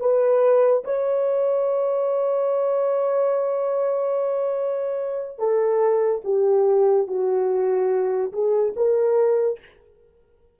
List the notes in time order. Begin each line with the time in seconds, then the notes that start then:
0.00 B4
0.84 C#5
5.39 A4
6.25 G4
7.08 F#4
8.33 G#4
8.77 A#4